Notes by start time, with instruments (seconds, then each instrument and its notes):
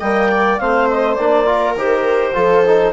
0.00 bassoon G3, trombone A#3, viola D#5, clarinet G5
0.31 viola D5
0.59 bassoon A3, trombone C4, viola C5, clarinet F5
0.91 clarinet D#5
1.15 bassoon A#3, trombone D4, clarinet D5
1.46 trombone F4, viola A#4
1.76 bassoon D#3, trombone G4, clarinet C5
2.34 bassoon F3, trombone F4, viola A4
2.67 trombone D#4